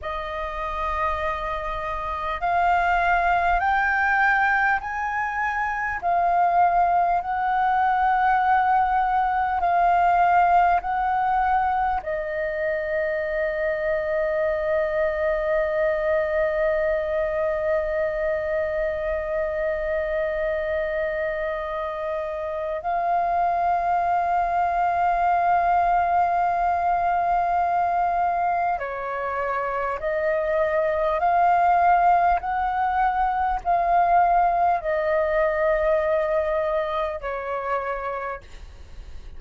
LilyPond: \new Staff \with { instrumentName = "flute" } { \time 4/4 \tempo 4 = 50 dis''2 f''4 g''4 | gis''4 f''4 fis''2 | f''4 fis''4 dis''2~ | dis''1~ |
dis''2. f''4~ | f''1 | cis''4 dis''4 f''4 fis''4 | f''4 dis''2 cis''4 | }